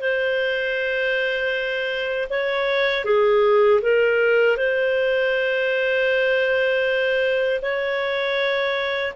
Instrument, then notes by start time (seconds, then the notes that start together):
clarinet
0.00 C5
2.30 C#5
3.04 G#4
3.81 A#4
4.56 C5
7.61 C#5